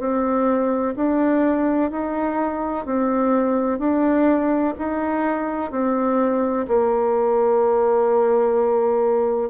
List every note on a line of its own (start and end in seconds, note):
0.00 0.95 C4
0.97 1.91 D4
1.91 2.86 D#4
2.86 3.79 C4
3.79 4.74 D4
4.79 5.71 D#4
5.71 6.67 C4
6.68 9.50 A#3